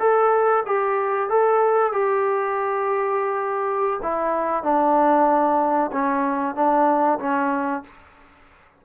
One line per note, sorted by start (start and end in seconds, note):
0.00 0.64 A4
0.67 1.30 G4
1.30 1.93 A4
1.93 4.00 G4
4.03 4.64 E4
4.64 5.91 D4
5.92 6.55 C#4
6.55 7.19 D4
7.20 7.83 C#4